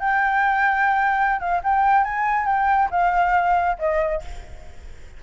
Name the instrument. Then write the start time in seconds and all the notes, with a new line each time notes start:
flute
0.00 G5
1.40 F5
1.63 G5
2.04 G#5
2.46 G5
2.91 F5
3.79 D#5